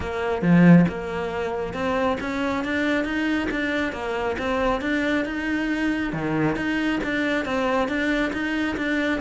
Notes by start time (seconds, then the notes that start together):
0.00 A#3
0.42 F3
0.88 A#3
1.73 C4
2.20 C#4
2.64 D4
3.04 D#4
3.50 D4
3.92 A#3
4.38 C4
4.81 D4
5.25 D#4
6.13 D#3
6.56 D#4
7.03 D4
7.45 C4
7.88 D4
8.32 D#4
8.77 D4